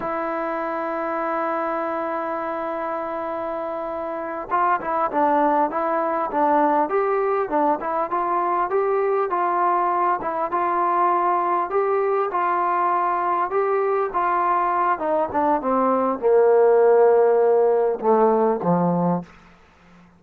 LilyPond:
\new Staff \with { instrumentName = "trombone" } { \time 4/4 \tempo 4 = 100 e'1~ | e'2.~ e'8 f'8 | e'8 d'4 e'4 d'4 g'8~ | g'8 d'8 e'8 f'4 g'4 f'8~ |
f'4 e'8 f'2 g'8~ | g'8 f'2 g'4 f'8~ | f'4 dis'8 d'8 c'4 ais4~ | ais2 a4 f4 | }